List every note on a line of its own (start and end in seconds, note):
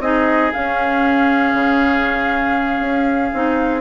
0.00 0.51 C4
0.00 0.53 D#4
0.00 3.81 G#4
0.00 0.52 D#5
0.53 3.34 C#4
0.53 1.54 C#4
0.53 3.81 F5
1.54 2.80 C#3
2.80 3.31 C#4
3.34 3.81 C4
3.34 3.81 D#4